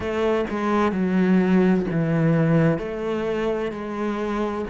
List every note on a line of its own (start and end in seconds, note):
0.00 0.45 A3
0.49 0.92 G#3
0.92 1.85 F#3
1.90 2.78 E3
2.78 3.71 A3
3.71 4.65 G#3